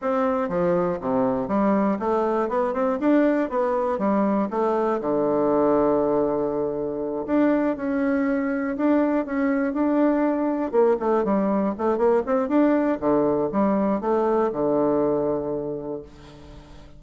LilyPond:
\new Staff \with { instrumentName = "bassoon" } { \time 4/4 \tempo 4 = 120 c'4 f4 c4 g4 | a4 b8 c'8 d'4 b4 | g4 a4 d2~ | d2~ d8 d'4 cis'8~ |
cis'4. d'4 cis'4 d'8~ | d'4. ais8 a8 g4 a8 | ais8 c'8 d'4 d4 g4 | a4 d2. | }